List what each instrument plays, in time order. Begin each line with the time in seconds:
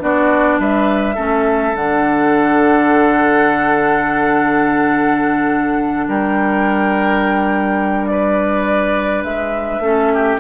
0.00 bassoon B3, clarinet D4, oboe F#4, flute D5
0.60 bassoon G3, oboe B4, flute E5
1.15 bassoon A3, clarinet C#4, oboe A4
1.75 bassoon D3, clarinet D4, flute F#5
6.09 bassoon G3, oboe A#4, flute G5
8.07 oboe B4, flute D5
9.24 bassoon G#3, flute E5
9.80 bassoon A3, clarinet C#4, oboe A4
10.14 oboe G4